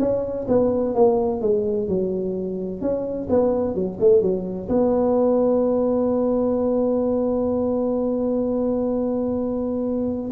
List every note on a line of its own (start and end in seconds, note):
0.00 0.47 C#4
0.48 0.95 B3
0.95 1.41 A#3
1.41 1.88 G#3
1.88 2.82 F#3
2.82 3.29 C#4
3.30 3.75 B3
3.75 3.98 F#3
4.00 4.22 A3
4.22 4.69 F#3
4.69 10.32 B3